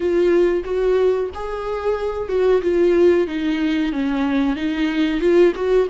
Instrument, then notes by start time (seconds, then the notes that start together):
viola
0.00 F4
0.64 F#4
1.34 G#4
2.29 F#4
2.61 F4
3.27 D#4
3.92 C#4
4.56 D#4
5.20 F4
5.55 F#4